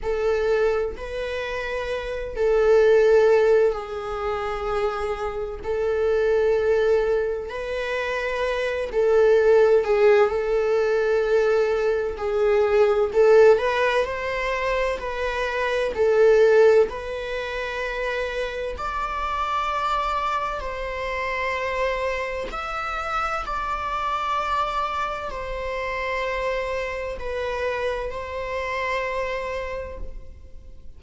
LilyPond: \new Staff \with { instrumentName = "viola" } { \time 4/4 \tempo 4 = 64 a'4 b'4. a'4. | gis'2 a'2 | b'4. a'4 gis'8 a'4~ | a'4 gis'4 a'8 b'8 c''4 |
b'4 a'4 b'2 | d''2 c''2 | e''4 d''2 c''4~ | c''4 b'4 c''2 | }